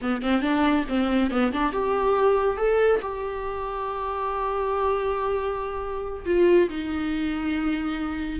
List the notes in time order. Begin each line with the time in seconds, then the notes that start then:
0.01 B3
0.22 C4
0.41 D4
0.88 C4
1.30 B3
1.52 D4
1.72 G4
2.57 A4
3.01 G4
6.25 F4
6.69 D#4